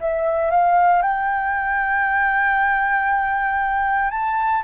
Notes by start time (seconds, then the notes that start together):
0.00 E5
0.50 F5
1.02 G5
4.11 A5